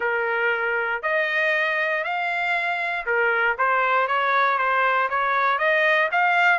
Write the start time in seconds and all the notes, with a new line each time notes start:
0.00 A#4
1.02 D#5
2.03 F5
3.06 A#4
3.58 C5
4.07 C#5
4.57 C5
5.09 C#5
5.58 D#5
6.11 F5